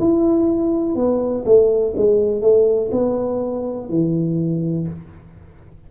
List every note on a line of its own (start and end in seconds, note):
0.00 0.96 E4
0.96 1.45 B3
1.46 1.95 A3
1.97 2.42 G#3
2.42 2.91 A3
2.92 3.90 B3
3.90 4.88 E3